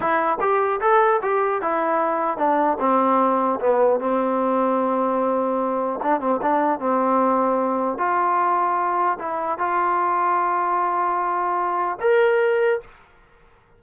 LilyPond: \new Staff \with { instrumentName = "trombone" } { \time 4/4 \tempo 4 = 150 e'4 g'4 a'4 g'4 | e'2 d'4 c'4~ | c'4 b4 c'2~ | c'2. d'8 c'8 |
d'4 c'2. | f'2. e'4 | f'1~ | f'2 ais'2 | }